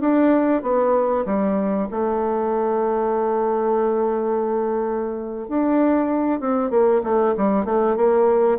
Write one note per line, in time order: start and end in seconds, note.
0.00 0.62 D4
0.62 1.25 B3
1.26 1.88 G3
1.91 5.48 A3
5.48 6.40 D4
6.40 6.70 C4
6.70 7.01 A#3
7.03 7.35 A3
7.37 7.65 G3
7.65 7.96 A3
7.96 8.59 A#3